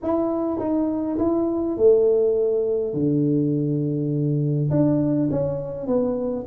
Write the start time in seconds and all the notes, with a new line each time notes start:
0.02 E4
0.59 D#4
1.18 E4
1.77 A3
2.93 D3
4.70 D4
5.30 C#4
5.87 B3